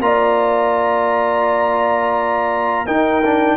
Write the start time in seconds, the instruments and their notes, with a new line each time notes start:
0.00 tuba A#3, trombone F4, horn D5, trumpet A#5
2.86 tuba D#4, trombone D#4, horn A#4, trumpet G5
3.24 trombone D4